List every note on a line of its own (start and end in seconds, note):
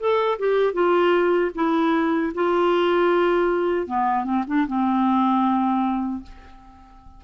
0.00 0.39 A4
0.39 0.74 G4
0.74 1.52 F4
1.55 2.33 E4
2.35 3.87 F4
3.87 4.25 B3
4.25 4.44 C4
4.48 4.67 D4
4.68 6.23 C4